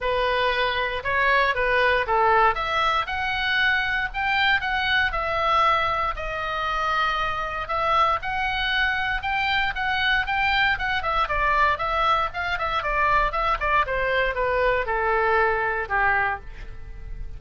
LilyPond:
\new Staff \with { instrumentName = "oboe" } { \time 4/4 \tempo 4 = 117 b'2 cis''4 b'4 | a'4 e''4 fis''2 | g''4 fis''4 e''2 | dis''2. e''4 |
fis''2 g''4 fis''4 | g''4 fis''8 e''8 d''4 e''4 | f''8 e''8 d''4 e''8 d''8 c''4 | b'4 a'2 g'4 | }